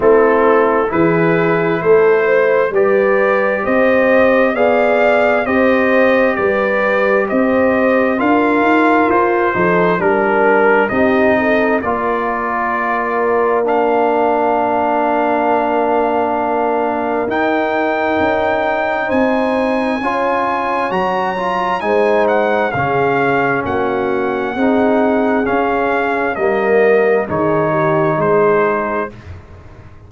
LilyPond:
<<
  \new Staff \with { instrumentName = "trumpet" } { \time 4/4 \tempo 4 = 66 a'4 b'4 c''4 d''4 | dis''4 f''4 dis''4 d''4 | dis''4 f''4 c''4 ais'4 | dis''4 d''2 f''4~ |
f''2. g''4~ | g''4 gis''2 ais''4 | gis''8 fis''8 f''4 fis''2 | f''4 dis''4 cis''4 c''4 | }
  \new Staff \with { instrumentName = "horn" } { \time 4/4 e'4 gis'4 a'8 c''8 b'4 | c''4 d''4 c''4 b'4 | c''4 ais'4. a'8 ais'4 | g'8 a'8 ais'2.~ |
ais'1~ | ais'4 c''4 cis''2 | c''4 gis'4 fis'4 gis'4~ | gis'4 ais'4 gis'8 g'8 gis'4 | }
  \new Staff \with { instrumentName = "trombone" } { \time 4/4 c'4 e'2 g'4~ | g'4 gis'4 g'2~ | g'4 f'4. dis'8 d'4 | dis'4 f'2 d'4~ |
d'2. dis'4~ | dis'2 f'4 fis'8 f'8 | dis'4 cis'2 dis'4 | cis'4 ais4 dis'2 | }
  \new Staff \with { instrumentName = "tuba" } { \time 4/4 a4 e4 a4 g4 | c'4 b4 c'4 g4 | c'4 d'8 dis'8 f'8 f8 g4 | c'4 ais2.~ |
ais2. dis'4 | cis'4 c'4 cis'4 fis4 | gis4 cis4 ais4 c'4 | cis'4 g4 dis4 gis4 | }
>>